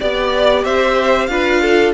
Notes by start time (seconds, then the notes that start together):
0.00 B3 G4 D5
0.65 C4 C5 E5
1.27 D4 F4 B4 F5
1.62 A4